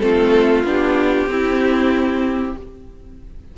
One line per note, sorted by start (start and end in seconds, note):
0.00 0.64 A3
0.00 0.64 C4
0.00 1.30 F4
0.00 0.63 A4
0.64 1.26 B3
0.64 1.28 D4
0.64 2.57 G4
1.26 2.52 C4
1.26 2.56 C4
1.26 2.57 E4